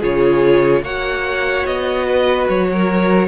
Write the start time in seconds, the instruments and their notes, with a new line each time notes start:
0.00 cello C#3, viola F4, violin G#4 C#5
0.82 cello A#3, viola F#4, violin C#5 F#5
1.66 cello B3, violin D#5
2.06 violin B4
2.49 cello F#3, violin C#5
2.72 violin A#4